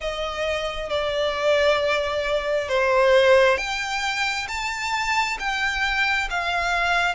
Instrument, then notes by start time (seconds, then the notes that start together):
violin
0.00 D#5
0.90 D5
2.69 C5
3.57 G5
4.48 A5
5.39 G5
6.29 F5